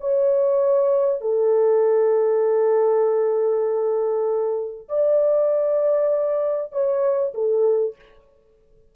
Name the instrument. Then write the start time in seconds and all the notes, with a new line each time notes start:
horn
0.00 C#5
1.21 A4
4.88 D5
6.72 C#5
7.34 A4